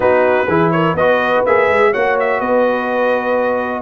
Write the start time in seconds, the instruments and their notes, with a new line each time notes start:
0.00 tuba B3, trombone D#4, horn F#4, trumpet B4
0.47 tuba E3, trombone E4, horn G#4
0.71 horn A#4, trumpet C#5
0.93 tuba B3, trombone F#4, horn B4, trumpet D#5
1.45 tuba A#3, trombone G#4, trumpet E5
1.69 tuba G#3
1.91 tuba A#3, trombone F#4, horn C#5, trumpet F#5
2.19 trumpet E5
2.39 tuba B3, horn B4, trumpet D#5